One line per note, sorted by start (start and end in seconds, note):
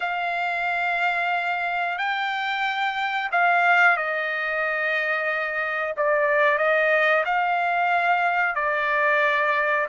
0.00 1.98 F5
1.98 3.30 G5
3.31 3.96 F5
3.96 5.94 D#5
5.96 6.58 D5
6.58 7.23 D#5
7.25 8.55 F5
8.55 9.87 D5